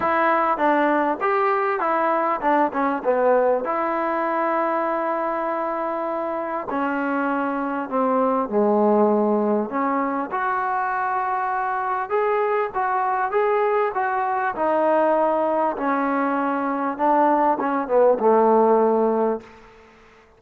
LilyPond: \new Staff \with { instrumentName = "trombone" } { \time 4/4 \tempo 4 = 99 e'4 d'4 g'4 e'4 | d'8 cis'8 b4 e'2~ | e'2. cis'4~ | cis'4 c'4 gis2 |
cis'4 fis'2. | gis'4 fis'4 gis'4 fis'4 | dis'2 cis'2 | d'4 cis'8 b8 a2 | }